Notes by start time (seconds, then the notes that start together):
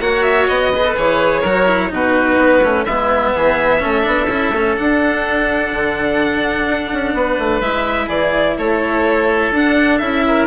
0.00 A#3 F#4 C#5 F#5
0.22 E5
0.47 B3 D#5
0.73 G#4 B4
0.85 A4
0.96 E3 G#4 C#5
1.41 F#3 F#4 A#4
1.66 E4
1.89 B2 D#4 F#4 B4
2.37 B3
2.63 A3 C#4
2.84 G#3 B3 E4 E5
3.35 E3 G#4
3.79 A3 C#4 A4
4.03 B3 D4
4.27 C#4 E4
4.53 A3 C#4
4.77 D4 F#5
5.72 D3
6.67 D4
6.93 C#4
7.14 B3 B4
7.38 A3
7.60 G#3 E4 E5
8.07 E3 G#4 D5
8.58 A3 A4 C#5
9.51 D4 F#5
9.98 C#4 E4 E5
10.27 A#4